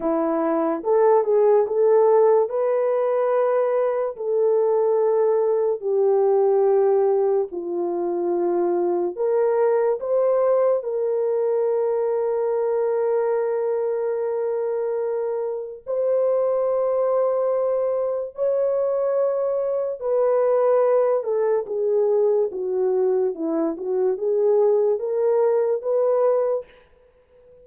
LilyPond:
\new Staff \with { instrumentName = "horn" } { \time 4/4 \tempo 4 = 72 e'4 a'8 gis'8 a'4 b'4~ | b'4 a'2 g'4~ | g'4 f'2 ais'4 | c''4 ais'2.~ |
ais'2. c''4~ | c''2 cis''2 | b'4. a'8 gis'4 fis'4 | e'8 fis'8 gis'4 ais'4 b'4 | }